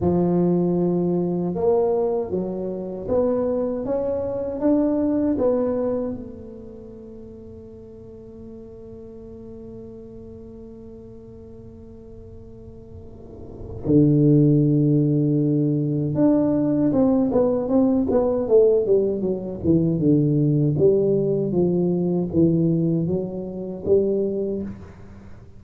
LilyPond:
\new Staff \with { instrumentName = "tuba" } { \time 4/4 \tempo 4 = 78 f2 ais4 fis4 | b4 cis'4 d'4 b4 | a1~ | a1~ |
a2 d2~ | d4 d'4 c'8 b8 c'8 b8 | a8 g8 fis8 e8 d4 g4 | f4 e4 fis4 g4 | }